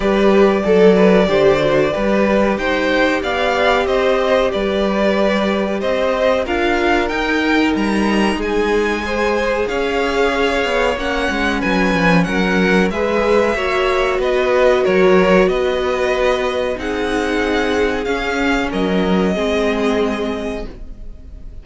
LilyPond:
<<
  \new Staff \with { instrumentName = "violin" } { \time 4/4 \tempo 4 = 93 d''1 | g''4 f''4 dis''4 d''4~ | d''4 dis''4 f''4 g''4 | ais''4 gis''2 f''4~ |
f''4 fis''4 gis''4 fis''4 | e''2 dis''4 cis''4 | dis''2 fis''2 | f''4 dis''2. | }
  \new Staff \with { instrumentName = "violin" } { \time 4/4 b'4 a'8 b'8 c''4 b'4 | c''4 d''4 c''4 b'4~ | b'4 c''4 ais'2~ | ais'4 gis'4 c''4 cis''4~ |
cis''2 b'4 ais'4 | b'4 cis''4 b'4 ais'4 | b'2 gis'2~ | gis'4 ais'4 gis'2 | }
  \new Staff \with { instrumentName = "viola" } { \time 4/4 g'4 a'4 g'8 fis'8 g'4~ | g'1~ | g'2 f'4 dis'4~ | dis'2 gis'2~ |
gis'4 cis'2. | gis'4 fis'2.~ | fis'2 dis'2 | cis'2 c'2 | }
  \new Staff \with { instrumentName = "cello" } { \time 4/4 g4 fis4 d4 g4 | dis'4 b4 c'4 g4~ | g4 c'4 d'4 dis'4 | g4 gis2 cis'4~ |
cis'8 b8 ais8 gis8 fis8 f8 fis4 | gis4 ais4 b4 fis4 | b2 c'2 | cis'4 fis4 gis2 | }
>>